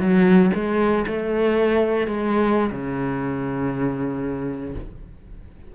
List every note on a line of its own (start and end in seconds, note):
0.00 0.51 F#3
0.54 1.05 G#3
1.07 2.07 A3
2.07 2.71 G#3
2.71 4.74 C#3